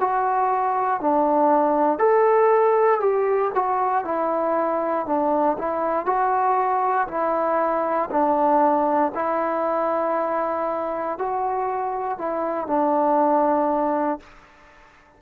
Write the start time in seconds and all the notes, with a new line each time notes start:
0.00 F#4
1.01 D4
1.99 A4
3.00 G4
3.55 F#4
4.05 E4
5.07 D4
5.58 E4
6.06 F#4
7.08 E4
8.11 D4
9.15 E4
11.18 F#4
12.18 E4
12.67 D4